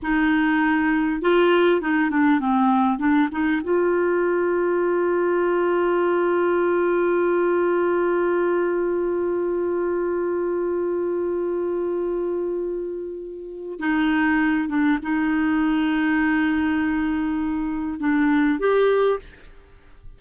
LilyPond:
\new Staff \with { instrumentName = "clarinet" } { \time 4/4 \tempo 4 = 100 dis'2 f'4 dis'8 d'8 | c'4 d'8 dis'8 f'2~ | f'1~ | f'1~ |
f'1~ | f'2. dis'4~ | dis'8 d'8 dis'2.~ | dis'2 d'4 g'4 | }